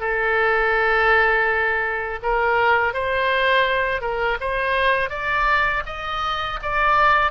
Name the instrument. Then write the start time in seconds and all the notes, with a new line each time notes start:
oboe
0.00 A4
2.22 A#4
2.93 C5
4.01 A#4
4.40 C5
5.10 D5
5.86 D#5
6.62 D5